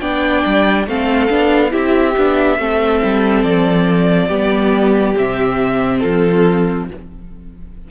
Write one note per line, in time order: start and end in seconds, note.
0.00 0.44 B3
0.00 0.86 D4
0.00 0.86 D5
0.00 0.86 G5
0.46 0.87 G3
0.87 1.30 A3
0.87 1.29 C4
0.87 1.72 A4
0.87 1.72 F5
1.29 1.73 B3
1.29 1.70 D4
1.70 2.16 C4
1.70 2.13 E4
1.70 2.57 G4
1.70 3.44 E5
2.17 2.58 B3
2.17 2.59 D4
2.58 3.01 A3
2.58 4.30 C4
2.58 4.27 A4
3.03 3.43 G3
3.43 4.29 F3
3.43 5.15 D5
4.27 5.15 G3
4.27 5.16 B3
4.27 5.99 G4
5.17 6.03 C3
5.17 6.89 C4
5.17 5.99 E5
5.99 6.90 F3
5.99 6.87 F4
5.99 6.85 A4